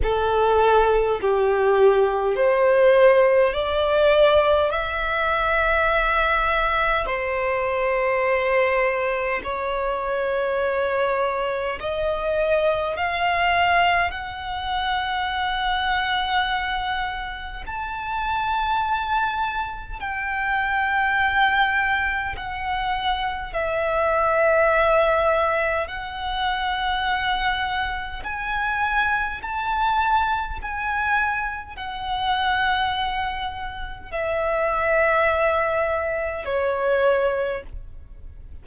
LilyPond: \new Staff \with { instrumentName = "violin" } { \time 4/4 \tempo 4 = 51 a'4 g'4 c''4 d''4 | e''2 c''2 | cis''2 dis''4 f''4 | fis''2. a''4~ |
a''4 g''2 fis''4 | e''2 fis''2 | gis''4 a''4 gis''4 fis''4~ | fis''4 e''2 cis''4 | }